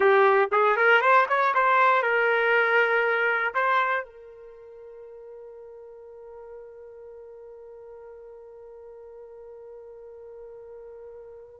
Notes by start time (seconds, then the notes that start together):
0.00 G4
0.51 G#4
0.76 A#4
1.01 C5
1.29 C#5
1.54 C5
2.02 A#4
3.54 C5
4.04 A#4